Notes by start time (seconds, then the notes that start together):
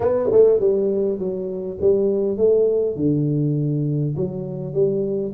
0.00 B3
0.31 A3
0.60 G3
1.18 F#3
1.81 G3
2.37 A3
2.96 D3
4.16 F#3
4.73 G3